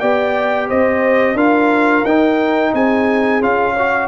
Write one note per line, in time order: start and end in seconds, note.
0.00 0.71 B3
0.00 1.37 G4
0.00 0.68 D5
0.00 0.68 G5
0.69 1.35 C4
0.69 1.37 C5
0.69 1.38 D#5
1.35 2.03 D4
1.35 2.06 F4
1.35 2.73 A#4
1.35 2.05 F5
2.05 2.73 D#4
2.05 3.42 D#4
2.05 2.74 G5
2.74 3.41 C4
2.74 3.74 G#4
2.74 3.43 G#5
3.41 4.08 C#4
3.41 3.76 F4
3.41 4.08 F5
3.74 4.08 F#4
3.74 4.08 C#5